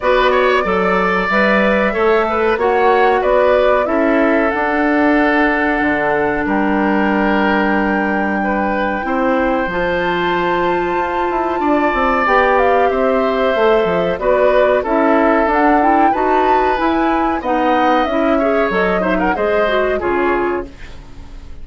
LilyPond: <<
  \new Staff \with { instrumentName = "flute" } { \time 4/4 \tempo 4 = 93 d''2 e''2 | fis''4 d''4 e''4 fis''4~ | fis''2 g''2~ | g''2. a''4~ |
a''2. g''8 f''8 | e''2 d''4 e''4 | fis''8 g''8 a''4 gis''4 fis''4 | e''4 dis''8 e''16 fis''16 dis''4 cis''4 | }
  \new Staff \with { instrumentName = "oboe" } { \time 4/4 b'8 cis''8 d''2 cis''8 b'8 | cis''4 b'4 a'2~ | a'2 ais'2~ | ais'4 b'4 c''2~ |
c''2 d''2 | c''2 b'4 a'4~ | a'4 b'2 dis''4~ | dis''8 cis''4 c''16 ais'16 c''4 gis'4 | }
  \new Staff \with { instrumentName = "clarinet" } { \time 4/4 fis'4 a'4 b'4 a'4 | fis'2 e'4 d'4~ | d'1~ | d'2 e'4 f'4~ |
f'2. g'4~ | g'4 a'4 fis'4 e'4 | d'8 e'8 fis'4 e'4 dis'4 | e'8 gis'8 a'8 dis'8 gis'8 fis'8 f'4 | }
  \new Staff \with { instrumentName = "bassoon" } { \time 4/4 b4 fis4 g4 a4 | ais4 b4 cis'4 d'4~ | d'4 d4 g2~ | g2 c'4 f4~ |
f4 f'8 e'8 d'8 c'8 b4 | c'4 a8 f8 b4 cis'4 | d'4 dis'4 e'4 b4 | cis'4 fis4 gis4 cis4 | }
>>